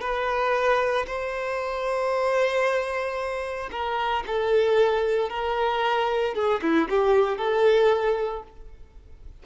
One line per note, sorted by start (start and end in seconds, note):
0.00 1.05 B4
1.06 3.69 C5
3.71 4.23 A#4
4.26 5.29 A4
5.29 6.34 A#4
6.34 6.60 G#4
6.62 6.88 E4
6.89 7.37 G4
7.37 8.43 A4